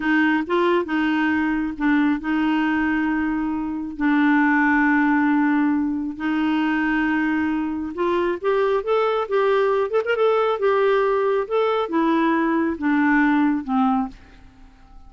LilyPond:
\new Staff \with { instrumentName = "clarinet" } { \time 4/4 \tempo 4 = 136 dis'4 f'4 dis'2 | d'4 dis'2.~ | dis'4 d'2.~ | d'2 dis'2~ |
dis'2 f'4 g'4 | a'4 g'4. a'16 ais'16 a'4 | g'2 a'4 e'4~ | e'4 d'2 c'4 | }